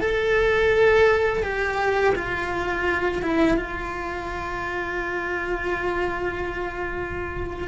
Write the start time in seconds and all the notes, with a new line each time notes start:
0.00 A4
1.42 G4
2.15 F4
3.22 E4
3.57 F4